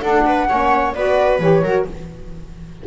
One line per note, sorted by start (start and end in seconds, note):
0.00 0.46 D4
0.00 0.49 D4
0.00 0.25 A4
0.00 0.92 F#5
0.25 0.48 B4
0.48 0.94 A#3
0.48 0.94 C#4
0.48 0.95 C#5
0.93 1.39 B3
0.93 1.40 F#4
0.93 1.64 B4
0.93 1.40 D5
1.39 1.62 E3
1.39 1.63 G4
1.39 1.86 C#5
1.62 1.85 F#3
1.62 1.87 F#4
1.62 1.87 A#4